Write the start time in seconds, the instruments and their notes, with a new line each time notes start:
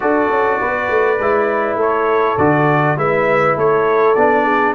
0.00 tuba D4, trombone F#4, horn A4, trumpet D5
0.29 tuba C#4
0.60 tuba B3, horn B4
0.89 tuba A3
1.19 tuba G#3, trombone E4
1.75 tuba A3, horn A4, trumpet C#5
2.37 tuba D3, trombone F#4, trumpet D5
2.96 tuba G#3, trombone E4, horn B4, trumpet E5
3.56 tuba A3, horn A4, trumpet C#5
4.14 tuba B3, trombone D4, trumpet D5
4.44 horn G#4